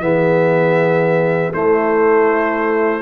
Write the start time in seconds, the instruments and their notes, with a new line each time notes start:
0.00 tuba E3, trombone B3, horn G#4, trumpet E5
1.52 trombone A3, tuba A3, horn E4, trumpet C5